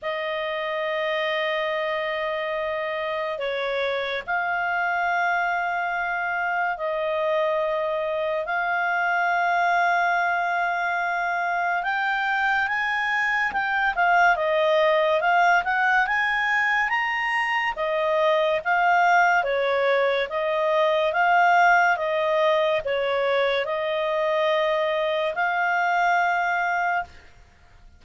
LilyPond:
\new Staff \with { instrumentName = "clarinet" } { \time 4/4 \tempo 4 = 71 dis''1 | cis''4 f''2. | dis''2 f''2~ | f''2 g''4 gis''4 |
g''8 f''8 dis''4 f''8 fis''8 gis''4 | ais''4 dis''4 f''4 cis''4 | dis''4 f''4 dis''4 cis''4 | dis''2 f''2 | }